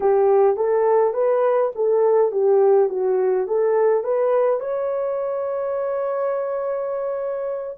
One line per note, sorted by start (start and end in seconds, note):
0.00 0.56 G4
0.56 1.13 A4
1.13 1.71 B4
1.75 2.31 A4
2.31 2.89 G4
2.89 3.47 F#4
3.47 4.03 A4
4.03 4.59 B4
4.59 7.77 C#5